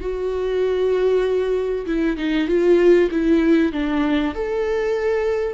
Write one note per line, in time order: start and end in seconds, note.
0.00 1.86 F#4
1.86 2.17 E4
2.17 2.47 D#4
2.47 3.09 F4
3.11 3.72 E4
3.72 4.34 D4
4.34 5.54 A4